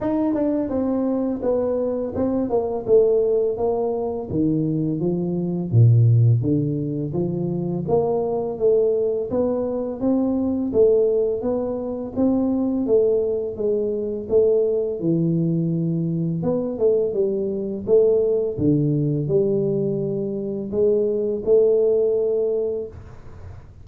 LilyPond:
\new Staff \with { instrumentName = "tuba" } { \time 4/4 \tempo 4 = 84 dis'8 d'8 c'4 b4 c'8 ais8 | a4 ais4 dis4 f4 | ais,4 d4 f4 ais4 | a4 b4 c'4 a4 |
b4 c'4 a4 gis4 | a4 e2 b8 a8 | g4 a4 d4 g4~ | g4 gis4 a2 | }